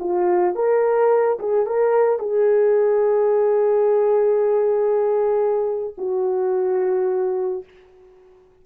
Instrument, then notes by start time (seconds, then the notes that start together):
horn
0.00 F4
0.56 A#4
1.40 G#4
1.67 A#4
2.19 G#4
5.98 F#4